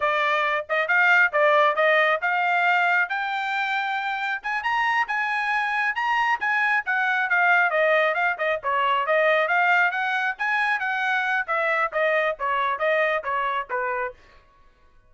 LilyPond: \new Staff \with { instrumentName = "trumpet" } { \time 4/4 \tempo 4 = 136 d''4. dis''8 f''4 d''4 | dis''4 f''2 g''4~ | g''2 gis''8 ais''4 gis''8~ | gis''4. ais''4 gis''4 fis''8~ |
fis''8 f''4 dis''4 f''8 dis''8 cis''8~ | cis''8 dis''4 f''4 fis''4 gis''8~ | gis''8 fis''4. e''4 dis''4 | cis''4 dis''4 cis''4 b'4 | }